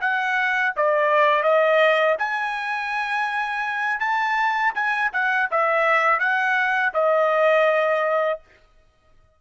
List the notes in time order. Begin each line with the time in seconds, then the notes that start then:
0.00 F#5
0.76 D5
1.43 D#5
2.19 G#5
3.99 A5
4.74 G#5
5.12 F#5
5.51 E5
6.19 F#5
6.93 D#5